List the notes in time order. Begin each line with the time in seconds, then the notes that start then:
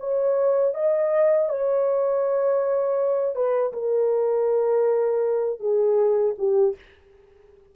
0.00 C#5
0.74 D#5
1.49 C#5
3.35 B4
3.73 A#4
5.60 G#4
6.38 G4